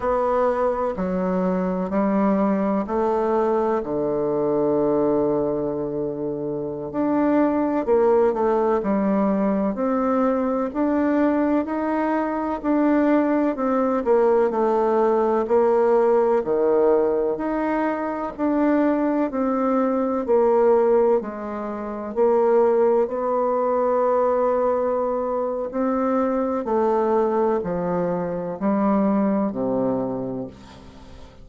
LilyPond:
\new Staff \with { instrumentName = "bassoon" } { \time 4/4 \tempo 4 = 63 b4 fis4 g4 a4 | d2.~ d16 d'8.~ | d'16 ais8 a8 g4 c'4 d'8.~ | d'16 dis'4 d'4 c'8 ais8 a8.~ |
a16 ais4 dis4 dis'4 d'8.~ | d'16 c'4 ais4 gis4 ais8.~ | ais16 b2~ b8. c'4 | a4 f4 g4 c4 | }